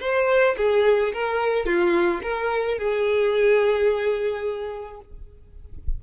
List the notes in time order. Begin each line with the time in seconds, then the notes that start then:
0.00 C5
0.57 G#4
1.13 A#4
1.65 F4
2.22 A#4
2.78 G#4